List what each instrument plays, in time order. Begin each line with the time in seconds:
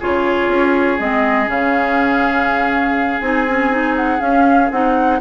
0.00 bassoon C#3, clarinet F4, oboe G#4, flute C#5
0.48 bassoon C#4
1.00 bassoon G#3, clarinet C4, flute D#5
1.46 bassoon C#3, clarinet C#4, flute F5
3.21 bassoon C4, clarinet D#4, flute G#5
3.47 clarinet C#4
3.71 clarinet D#4
3.96 flute F#5
4.19 clarinet C#4, bassoon C#4, flute F5
4.71 bassoon C4, clarinet D#4, flute F#5